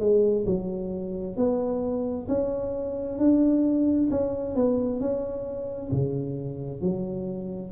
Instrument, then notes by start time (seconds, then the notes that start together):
tuba
0.00 G#3
0.46 F#3
1.37 B3
2.28 C#4
3.19 D4
4.11 C#4
4.55 B3
5.00 C#4
5.92 C#3
6.81 F#3